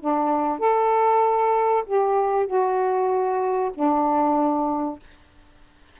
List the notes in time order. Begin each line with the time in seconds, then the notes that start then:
0.00 D4
0.59 A4
1.86 G4
2.47 F#4
3.74 D4